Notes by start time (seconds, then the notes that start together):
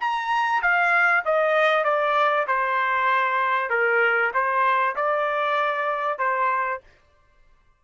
0.00 A#5
0.62 F5
1.25 D#5
1.84 D5
2.47 C5
3.70 A#4
4.33 C5
4.95 D5
6.19 C5